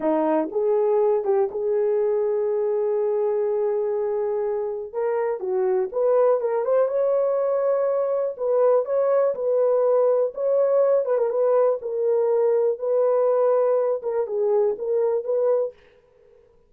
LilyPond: \new Staff \with { instrumentName = "horn" } { \time 4/4 \tempo 4 = 122 dis'4 gis'4. g'8 gis'4~ | gis'1~ | gis'2 ais'4 fis'4 | b'4 ais'8 c''8 cis''2~ |
cis''4 b'4 cis''4 b'4~ | b'4 cis''4. b'16 ais'16 b'4 | ais'2 b'2~ | b'8 ais'8 gis'4 ais'4 b'4 | }